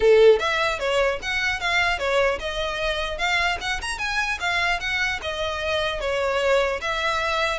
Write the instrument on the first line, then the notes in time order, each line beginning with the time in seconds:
violin
0.00 A4
0.39 E5
0.79 C#5
1.22 F#5
1.60 F5
1.98 C#5
2.39 D#5
3.18 F5
3.60 F#5
3.81 A#5
3.98 G#5
4.40 F5
4.79 F#5
5.22 D#5
6.00 C#5
6.81 E5